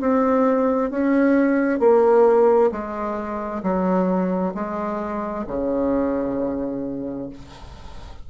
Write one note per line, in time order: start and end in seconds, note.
0.00 0.90 C4
0.90 1.79 C#4
1.79 2.70 A#3
2.71 3.62 G#3
3.62 4.53 F#3
4.54 5.45 G#3
5.47 7.29 C#3